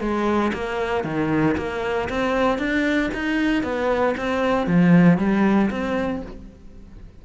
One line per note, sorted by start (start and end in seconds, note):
0.00 0.52 G#3
0.54 1.04 A#3
1.04 1.56 D#3
1.57 2.09 A#3
2.09 2.58 C4
2.58 3.10 D4
3.14 3.63 D#4
3.63 4.15 B3
4.17 4.66 C4
4.66 5.18 F3
5.18 5.70 G3
5.70 6.22 C4